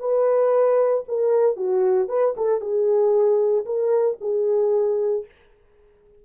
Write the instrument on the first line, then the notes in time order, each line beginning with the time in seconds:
horn
0.00 B4
1.08 A#4
1.57 F#4
2.09 B4
2.37 A4
2.61 G#4
3.66 A#4
4.21 G#4